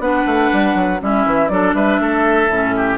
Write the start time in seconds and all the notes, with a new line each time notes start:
0.00 B3 D4 B4 F#5
0.26 A3
0.53 G3
0.75 F#3
1.00 G3 C#4 E4 E5
1.26 E3
1.49 F#3 D4 A4 D5
1.74 G3 B4 E5
2.00 A3 A4
2.49 A2 C#4
2.76 G4